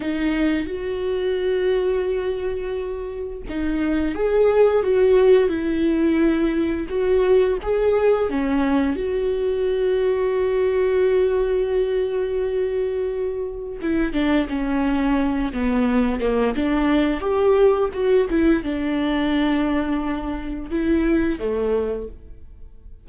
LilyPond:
\new Staff \with { instrumentName = "viola" } { \time 4/4 \tempo 4 = 87 dis'4 fis'2.~ | fis'4 dis'4 gis'4 fis'4 | e'2 fis'4 gis'4 | cis'4 fis'2.~ |
fis'1 | e'8 d'8 cis'4. b4 ais8 | d'4 g'4 fis'8 e'8 d'4~ | d'2 e'4 a4 | }